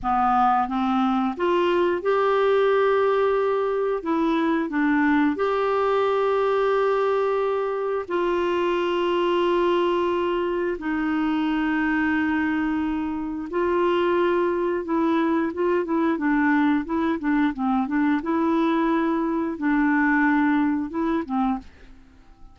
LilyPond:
\new Staff \with { instrumentName = "clarinet" } { \time 4/4 \tempo 4 = 89 b4 c'4 f'4 g'4~ | g'2 e'4 d'4 | g'1 | f'1 |
dis'1 | f'2 e'4 f'8 e'8 | d'4 e'8 d'8 c'8 d'8 e'4~ | e'4 d'2 e'8 c'8 | }